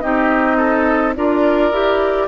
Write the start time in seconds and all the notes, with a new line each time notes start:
0.00 C4 D#4 G4 D#5
0.57 A4
1.16 D4 F4 A#4 D5
1.71 E4 G4